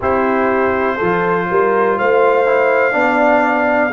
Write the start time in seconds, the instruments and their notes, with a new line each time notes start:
0.00 tuba C4, trombone E4, horn G4, trumpet C5
0.96 tuba F3, trombone F4, horn A4
1.50 tuba G3, horn A#4
1.98 tuba A3, horn C5, trumpet F5
2.46 trombone E4
2.91 tuba B3, trombone D4, horn D5